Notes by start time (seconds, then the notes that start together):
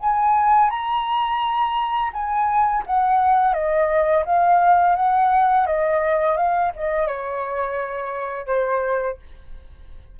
0.00 G#5
0.70 A#5
2.13 G#5
2.86 F#5
3.53 D#5
4.25 F5
4.95 F#5
5.66 D#5
6.37 F5
6.75 D#5
7.07 C#5
8.46 C5